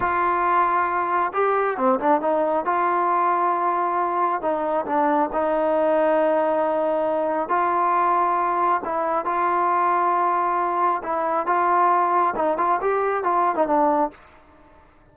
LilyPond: \new Staff \with { instrumentName = "trombone" } { \time 4/4 \tempo 4 = 136 f'2. g'4 | c'8 d'8 dis'4 f'2~ | f'2 dis'4 d'4 | dis'1~ |
dis'4 f'2. | e'4 f'2.~ | f'4 e'4 f'2 | dis'8 f'8 g'4 f'8. dis'16 d'4 | }